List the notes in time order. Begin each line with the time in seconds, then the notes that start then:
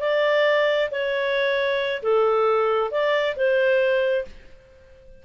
0.00 D5
0.91 C#5
2.02 A4
2.91 D5
3.36 C5